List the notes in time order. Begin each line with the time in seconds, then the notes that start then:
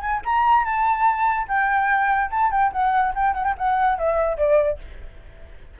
0.00 G#5
0.25 A#5
0.65 A5
1.47 G5
2.30 A5
2.51 G5
2.72 F#5
3.15 G5
3.34 F#5
3.44 G5
3.58 F#5
3.98 E5
4.37 D5